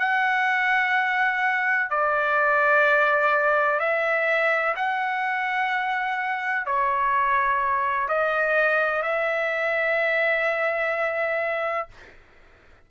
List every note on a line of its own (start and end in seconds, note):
0.00 1.90 F#5
1.90 3.80 D5
3.80 4.75 E5
4.76 6.67 F#5
6.67 8.09 C#5
8.09 9.03 D#5
9.03 11.88 E5